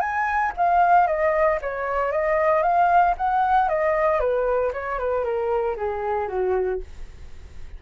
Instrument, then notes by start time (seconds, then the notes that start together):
flute
0.00 G#5
0.57 F5
1.07 D#5
1.62 C#5
2.12 D#5
2.63 F5
3.17 F#5
3.68 D#5
4.20 B4
4.73 C#5
4.98 B4
5.24 A#4
5.77 G#4
6.28 F#4